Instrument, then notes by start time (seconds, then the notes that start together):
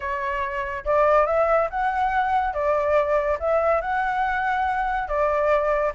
flute
0.00 C#5
0.84 D5
1.26 E5
1.70 F#5
2.53 D5
3.39 E5
3.81 F#5
5.08 D5